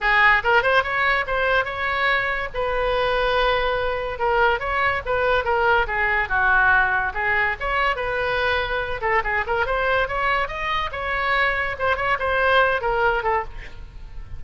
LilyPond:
\new Staff \with { instrumentName = "oboe" } { \time 4/4 \tempo 4 = 143 gis'4 ais'8 c''8 cis''4 c''4 | cis''2 b'2~ | b'2 ais'4 cis''4 | b'4 ais'4 gis'4 fis'4~ |
fis'4 gis'4 cis''4 b'4~ | b'4. a'8 gis'8 ais'8 c''4 | cis''4 dis''4 cis''2 | c''8 cis''8 c''4. ais'4 a'8 | }